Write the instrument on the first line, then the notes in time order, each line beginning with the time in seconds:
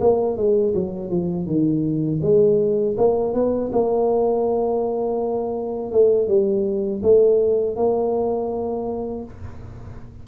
tuba
0.00 A#3
0.37 G#3
0.74 F#3
1.10 F3
1.46 D#3
2.22 G#3
2.97 A#3
3.34 B3
3.72 A#3
5.92 A3
6.28 G3
7.03 A3
7.76 A#3